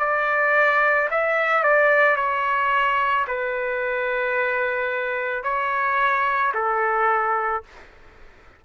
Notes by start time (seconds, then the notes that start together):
0.00 D5
1.11 E5
1.64 D5
2.17 C#5
3.28 B4
5.44 C#5
6.55 A4